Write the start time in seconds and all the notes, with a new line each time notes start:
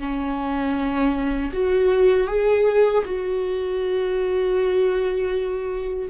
0.00 C#4
1.53 F#4
2.28 G#4
3.06 F#4